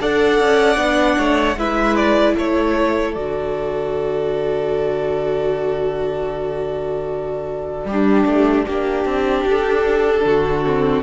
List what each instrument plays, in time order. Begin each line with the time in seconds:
0.00 cello D4, viola A4, violin D5 F#5
0.40 cello C#4
0.76 cello B3, viola D4
1.18 cello A3, violin C#5
1.56 cello G#3, viola E4, violin B4 E5
1.95 violin D5
2.35 cello A3, violin A4 C#5
3.13 cello D3, viola F#4, violin D5
7.85 cello G3, violin D4, viola G4
8.26 cello A3
8.66 cello A#3, viola D4, violin G4
9.05 cello C4
9.45 cello D4, violin A4
10.24 cello D3, violin F#4
10.65 viola C4